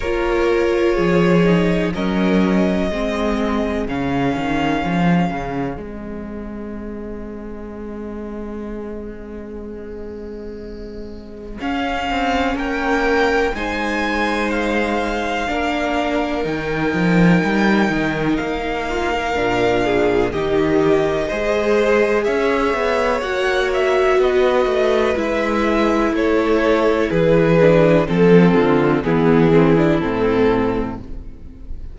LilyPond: <<
  \new Staff \with { instrumentName = "violin" } { \time 4/4 \tempo 4 = 62 cis''2 dis''2 | f''2 dis''2~ | dis''1 | f''4 g''4 gis''4 f''4~ |
f''4 g''2 f''4~ | f''4 dis''2 e''4 | fis''8 e''8 dis''4 e''4 cis''4 | b'4 a'4 gis'4 a'4 | }
  \new Staff \with { instrumentName = "violin" } { \time 4/4 ais'4 gis'4 ais'4 gis'4~ | gis'1~ | gis'1~ | gis'4 ais'4 c''2 |
ais'2.~ ais'8 f'16 ais'16~ | ais'8 gis'8 g'4 c''4 cis''4~ | cis''4 b'2 a'4 | gis'4 a'8 f'8 e'2 | }
  \new Staff \with { instrumentName = "viola" } { \time 4/4 f'4. dis'8 cis'4 c'4 | cis'2 c'2~ | c'1 | cis'2 dis'2 |
d'4 dis'2. | d'4 dis'4 gis'2 | fis'2 e'2~ | e'8 d'8 c'4 b8 c'16 d'16 c'4 | }
  \new Staff \with { instrumentName = "cello" } { \time 4/4 ais4 f4 fis4 gis4 | cis8 dis8 f8 cis8 gis2~ | gis1 | cis'8 c'8 ais4 gis2 |
ais4 dis8 f8 g8 dis8 ais4 | ais,4 dis4 gis4 cis'8 b8 | ais4 b8 a8 gis4 a4 | e4 f8 d8 e4 a,4 | }
>>